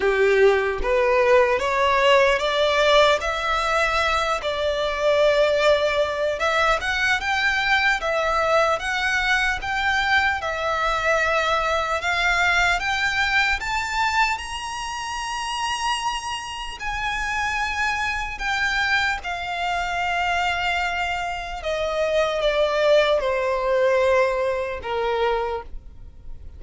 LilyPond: \new Staff \with { instrumentName = "violin" } { \time 4/4 \tempo 4 = 75 g'4 b'4 cis''4 d''4 | e''4. d''2~ d''8 | e''8 fis''8 g''4 e''4 fis''4 | g''4 e''2 f''4 |
g''4 a''4 ais''2~ | ais''4 gis''2 g''4 | f''2. dis''4 | d''4 c''2 ais'4 | }